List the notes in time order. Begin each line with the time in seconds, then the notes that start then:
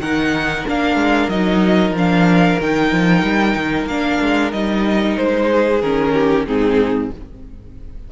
0.00 D#3 D#4 A#4 F#5
0.67 A#3 D4 F5
0.96 G#3
1.29 F#3 D#4 D#5
1.91 F3 D4
1.98 F5
2.60 D#3 D#4 G5
2.92 F3
3.23 G3
3.56 D#3
3.86 A#3 D4 F5
4.22 G#3
4.52 G3 D#4 D#5
5.17 G#3 C5
5.50 G#4
5.82 D#3 C#4 A#4
6.14 G4
6.47 G#2 C4 D#4 G#4